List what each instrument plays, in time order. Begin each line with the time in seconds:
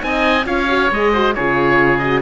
0.00 cello C4, horn D#4, oboe G#5
0.07 oboe D#5
0.46 cello C#4, horn F4, oboe C#5 F5
0.69 horn F#4
0.91 cello G#3, horn G#4, oboe D#5
1.12 horn F#4, oboe C5
1.35 cello C#3, horn F4, oboe G#4 C#5
1.98 horn F#4, oboe D#5